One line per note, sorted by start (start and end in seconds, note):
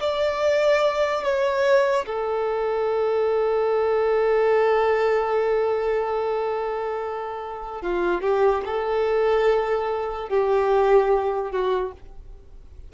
0.00 1.23 D5
1.23 2.05 C#5
2.06 7.82 A4
7.82 8.21 F4
8.21 8.62 G4
8.65 10.29 A4
10.29 11.51 G4
11.51 11.92 F#4